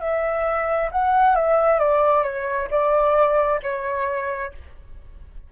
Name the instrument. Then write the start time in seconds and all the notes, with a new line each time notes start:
flute
0.00 E5
0.91 F#5
1.35 E5
1.79 D5
2.23 C#5
2.70 D5
3.63 C#5